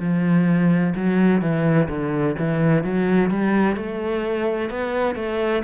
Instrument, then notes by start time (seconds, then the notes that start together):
cello
0.00 F3
0.95 F#3
1.41 E3
1.89 D3
2.39 E3
2.84 F#3
3.30 G3
3.76 A3
4.70 B3
5.16 A3